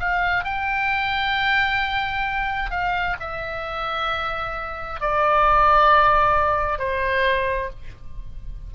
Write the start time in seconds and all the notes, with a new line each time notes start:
0.00 F5
0.45 G5
2.71 F5
3.20 E5
5.01 D5
6.79 C5